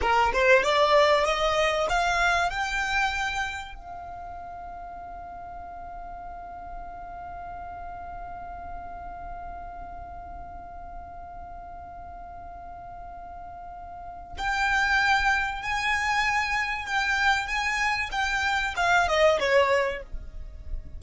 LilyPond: \new Staff \with { instrumentName = "violin" } { \time 4/4 \tempo 4 = 96 ais'8 c''8 d''4 dis''4 f''4 | g''2 f''2~ | f''1~ | f''1~ |
f''1~ | f''2. g''4~ | g''4 gis''2 g''4 | gis''4 g''4 f''8 dis''8 cis''4 | }